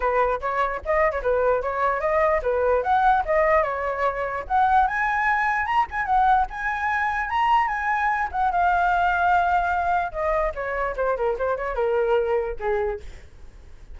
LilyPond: \new Staff \with { instrumentName = "flute" } { \time 4/4 \tempo 4 = 148 b'4 cis''4 dis''8. cis''16 b'4 | cis''4 dis''4 b'4 fis''4 | dis''4 cis''2 fis''4 | gis''2 ais''8 gis''8 fis''4 |
gis''2 ais''4 gis''4~ | gis''8 fis''8 f''2.~ | f''4 dis''4 cis''4 c''8 ais'8 | c''8 cis''8 ais'2 gis'4 | }